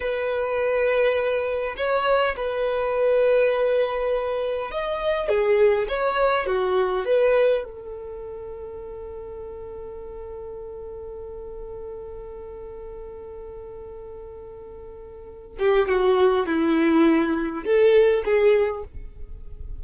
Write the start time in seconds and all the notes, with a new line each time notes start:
0.00 B4
1.76 C#5
2.36 B4
4.71 D#5
5.29 G#4
5.88 C#5
6.46 F#4
7.05 B4
7.64 A4
15.59 G4
15.88 F#4
16.46 E4
17.64 A4
18.24 G#4